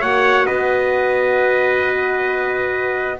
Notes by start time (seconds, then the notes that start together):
0.00 A#3 F#4 C#5 F#5
0.46 B3 B4 D#5